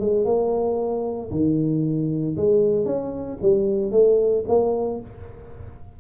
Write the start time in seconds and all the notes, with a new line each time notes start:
0.00 G#3
0.25 A#3
1.31 D#3
2.37 G#3
2.85 C#4
3.42 G3
3.91 A3
4.48 A#3